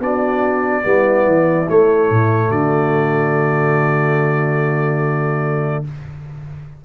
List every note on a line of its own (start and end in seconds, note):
0.00 0.83 B3
0.00 0.83 D4
0.00 0.82 F#4
0.00 1.69 D5
0.82 1.26 G3
0.82 1.66 B3
0.82 2.48 E4
1.26 1.68 E3
1.68 5.85 A3
1.68 2.10 A3
1.68 2.51 C#5
2.10 2.51 A2
2.48 5.84 D3
2.48 5.81 F#4
2.48 5.85 D5